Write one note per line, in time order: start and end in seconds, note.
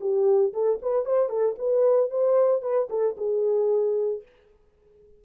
0.00 0.53 G4
0.53 0.79 A4
0.82 1.05 B4
1.05 1.29 C5
1.29 1.56 A4
1.58 2.10 B4
2.10 2.62 C5
2.62 2.88 B4
2.89 3.16 A4
3.17 4.22 G#4